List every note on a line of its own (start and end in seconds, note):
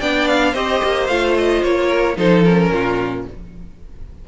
0.00 0.54 B3
0.00 0.55 D4
0.00 0.51 D5
0.00 0.28 G5
0.28 0.54 F5
0.51 0.81 C4
0.51 1.09 G4
0.51 1.87 C5
0.51 1.07 D#5
0.84 1.09 A#3
1.07 1.63 A3
1.07 2.16 F4
1.07 1.34 F5
1.37 1.63 D#5
1.63 2.17 A#3
1.63 2.17 C#5
1.88 2.15 A#4
2.16 2.70 F3
2.16 2.43 D#4
2.16 2.72 A4
2.16 2.44 C5
2.44 3.28 C#4
2.44 3.25 A#4
2.70 3.25 A#2
2.70 3.28 F4